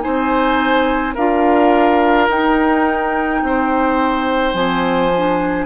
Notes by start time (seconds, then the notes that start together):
0.00 C4 D#4 C5 G#5
1.15 D4 F4 A#4 F5
2.29 D#4 G5
3.43 C4 C5
4.54 F3 C4 G#5
5.16 D4